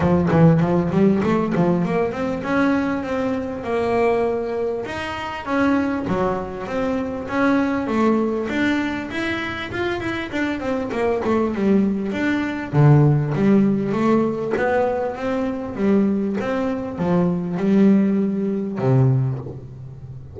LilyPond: \new Staff \with { instrumentName = "double bass" } { \time 4/4 \tempo 4 = 99 f8 e8 f8 g8 a8 f8 ais8 c'8 | cis'4 c'4 ais2 | dis'4 cis'4 fis4 c'4 | cis'4 a4 d'4 e'4 |
f'8 e'8 d'8 c'8 ais8 a8 g4 | d'4 d4 g4 a4 | b4 c'4 g4 c'4 | f4 g2 c4 | }